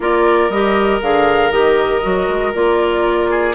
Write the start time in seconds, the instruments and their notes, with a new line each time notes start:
0.00 bassoon A#3, clarinet F4, oboe A#4, flute D5
0.49 bassoon G3, clarinet G4, flute D#5
1.01 bassoon D3, clarinet G#4, flute F5
1.50 bassoon D#3, clarinet G4, flute D#5
2.01 bassoon F#3, clarinet F#4
2.28 bassoon G#3
2.54 bassoon A#3, clarinet F4, flute D5
3.30 oboe G#4